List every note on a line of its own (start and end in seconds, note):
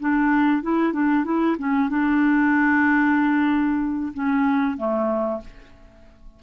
0.00 0.62 D4
0.62 0.93 E4
0.93 1.24 D4
1.24 1.56 E4
1.58 1.89 C#4
1.89 4.13 D4
4.13 4.77 C#4
4.77 5.41 A3